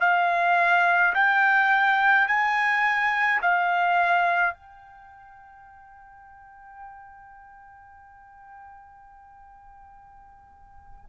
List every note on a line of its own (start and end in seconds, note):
0.00 1.13 F5
1.14 2.27 G5
2.27 3.41 G#5
3.42 4.54 F5
4.54 11.05 G5